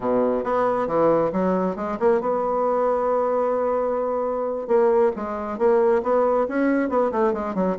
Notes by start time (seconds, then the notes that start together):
0.00 B2
0.44 B3
0.87 E3
1.32 F#3
1.76 G#3
1.99 A#3
2.20 B3
4.67 A#3
5.15 G#3
5.58 A#3
6.02 B3
6.48 C#4
6.89 B3
7.11 A3
7.33 G#3
7.54 F#3